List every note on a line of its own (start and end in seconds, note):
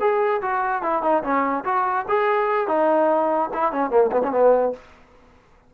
0.00 0.41 G#4
0.42 0.83 F#4
0.83 1.02 E4
1.02 1.23 D#4
1.23 1.64 C#4
1.64 2.05 F#4
2.08 2.68 G#4
2.68 3.50 D#4
3.53 3.72 E4
3.72 3.90 C#4
3.90 4.11 A#3
4.12 4.22 B3
4.23 4.32 C#4
4.32 4.73 B3